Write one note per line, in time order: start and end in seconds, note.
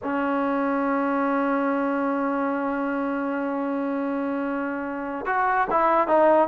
0.03 5.25 C#4
5.25 5.67 F#4
5.70 6.07 E4
6.07 6.48 D#4